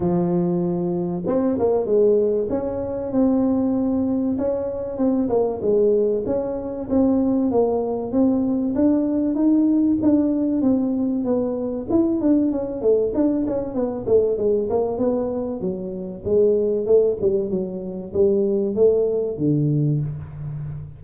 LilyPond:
\new Staff \with { instrumentName = "tuba" } { \time 4/4 \tempo 4 = 96 f2 c'8 ais8 gis4 | cis'4 c'2 cis'4 | c'8 ais8 gis4 cis'4 c'4 | ais4 c'4 d'4 dis'4 |
d'4 c'4 b4 e'8 d'8 | cis'8 a8 d'8 cis'8 b8 a8 gis8 ais8 | b4 fis4 gis4 a8 g8 | fis4 g4 a4 d4 | }